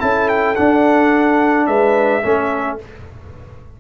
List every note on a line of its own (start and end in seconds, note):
0.00 0.58 C#4
0.00 0.56 E4
0.00 1.68 A4
0.00 0.29 A5
0.29 0.56 G5
0.56 2.23 D4
0.56 1.68 D4
0.56 1.67 F#5
1.67 2.23 G#3
1.67 2.23 B4
1.67 2.78 E5
2.23 2.80 A3
2.23 2.79 C#4
2.23 2.80 A4